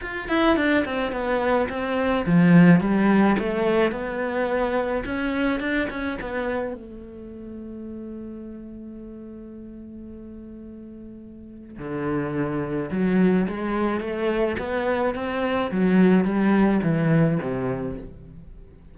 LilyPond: \new Staff \with { instrumentName = "cello" } { \time 4/4 \tempo 4 = 107 f'8 e'8 d'8 c'8 b4 c'4 | f4 g4 a4 b4~ | b4 cis'4 d'8 cis'8 b4 | a1~ |
a1~ | a4 d2 fis4 | gis4 a4 b4 c'4 | fis4 g4 e4 c4 | }